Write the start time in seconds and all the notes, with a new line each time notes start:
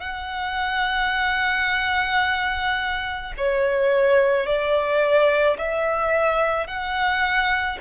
0.00 F#5
3.37 C#5
4.46 D5
5.58 E5
6.67 F#5